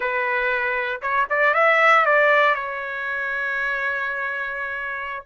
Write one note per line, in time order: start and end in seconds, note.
0.00 1.01 B4
1.01 1.27 C#5
1.29 1.54 D5
1.54 2.05 E5
2.05 2.54 D5
2.54 5.24 C#5